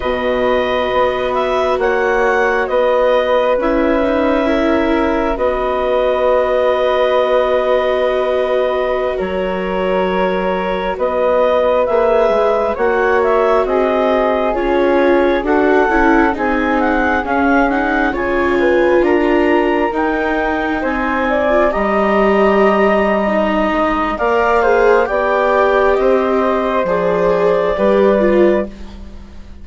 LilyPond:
<<
  \new Staff \with { instrumentName = "clarinet" } { \time 4/4 \tempo 4 = 67 dis''4. e''8 fis''4 dis''4 | e''2 dis''2~ | dis''2~ dis''16 cis''4.~ cis''16~ | cis''16 dis''4 e''4 fis''8 e''8 dis''8.~ |
dis''16 cis''4 fis''4 gis''8 fis''8 f''8 fis''16~ | fis''16 gis''4 ais''4 g''4 gis''8.~ | gis''16 ais''2~ ais''8. f''4 | g''4 dis''4 d''2 | }
  \new Staff \with { instrumentName = "flute" } { \time 4/4 b'2 cis''4 b'4~ | b'4 ais'4 b'2~ | b'2~ b'16 ais'4.~ ais'16~ | ais'16 b'2 cis''4 gis'8.~ |
gis'4~ gis'16 a'4 gis'4.~ gis'16~ | gis'16 cis''8 b'8 ais'2 c''8 d''16~ | d''16 dis''2~ dis''8. d''8 c''8 | d''4 c''2 b'4 | }
  \new Staff \with { instrumentName = "viola" } { \time 4/4 fis'1 | e'8 dis'8 e'4 fis'2~ | fis'1~ | fis'4~ fis'16 gis'4 fis'4.~ fis'16~ |
fis'16 f'4 fis'8 e'8 dis'4 cis'8 dis'16~ | dis'16 f'2 dis'4.~ dis'16 | f'16 g'4.~ g'16 dis'4 ais'8 gis'8 | g'2 gis'4 g'8 f'8 | }
  \new Staff \with { instrumentName = "bassoon" } { \time 4/4 b,4 b4 ais4 b4 | cis'2 b2~ | b2~ b16 fis4.~ fis16~ | fis16 b4 ais8 gis8 ais4 c'8.~ |
c'16 cis'4 d'8 cis'8 c'4 cis'8.~ | cis'16 cis4 d'4 dis'4 c'8.~ | c'16 g2~ g16 gis8 ais4 | b4 c'4 f4 g4 | }
>>